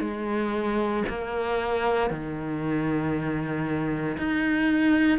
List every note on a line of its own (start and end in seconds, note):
0.00 1.03 G#3
1.09 2.10 A#3
2.10 4.17 D#3
4.18 5.19 D#4